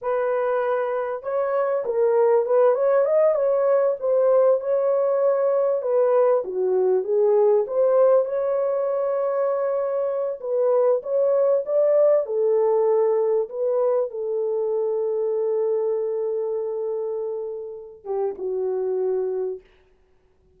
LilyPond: \new Staff \with { instrumentName = "horn" } { \time 4/4 \tempo 4 = 98 b'2 cis''4 ais'4 | b'8 cis''8 dis''8 cis''4 c''4 cis''8~ | cis''4. b'4 fis'4 gis'8~ | gis'8 c''4 cis''2~ cis''8~ |
cis''4 b'4 cis''4 d''4 | a'2 b'4 a'4~ | a'1~ | a'4. g'8 fis'2 | }